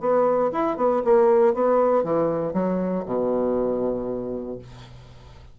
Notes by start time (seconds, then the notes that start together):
0.00 B3
0.52 E4
0.77 B3
1.04 A#3
1.54 B3
2.04 E3
2.53 F#3
3.06 B2